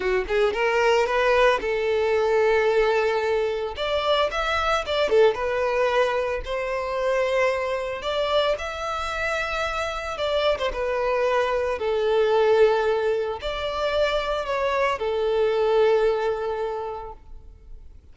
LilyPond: \new Staff \with { instrumentName = "violin" } { \time 4/4 \tempo 4 = 112 fis'8 gis'8 ais'4 b'4 a'4~ | a'2. d''4 | e''4 d''8 a'8 b'2 | c''2. d''4 |
e''2. d''8. c''16 | b'2 a'2~ | a'4 d''2 cis''4 | a'1 | }